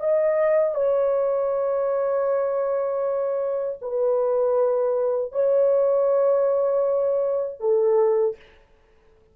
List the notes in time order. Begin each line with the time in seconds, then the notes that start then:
0.00 D#5
0.75 C#5
3.81 B4
5.32 C#5
7.60 A4